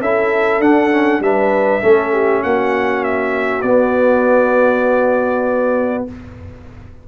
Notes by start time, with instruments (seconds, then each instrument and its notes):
0.00 tuba C#4, trombone E4, horn A4, trumpet E5
0.59 tuba D4, trombone D4, trumpet F#5
0.91 trombone C#4
1.20 tuba G3, trombone D4, horn B4, trumpet E5
1.82 tuba A3, trombone C#4, horn A4
2.12 horn G4
2.43 tuba A#3, horn F#4, trumpet F#5
3.04 trumpet E5
3.62 tuba B3, trombone B3, trumpet D5